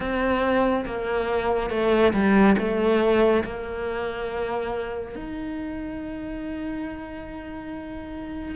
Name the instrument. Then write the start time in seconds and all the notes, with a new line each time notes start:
cello
0.00 C4
0.85 A#3
1.69 A3
2.13 G3
2.58 A3
3.44 A#3
5.15 D#4